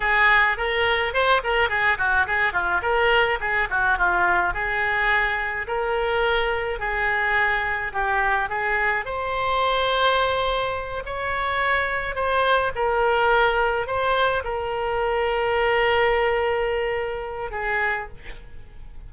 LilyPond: \new Staff \with { instrumentName = "oboe" } { \time 4/4 \tempo 4 = 106 gis'4 ais'4 c''8 ais'8 gis'8 fis'8 | gis'8 f'8 ais'4 gis'8 fis'8 f'4 | gis'2 ais'2 | gis'2 g'4 gis'4 |
c''2.~ c''8 cis''8~ | cis''4. c''4 ais'4.~ | ais'8 c''4 ais'2~ ais'8~ | ais'2. gis'4 | }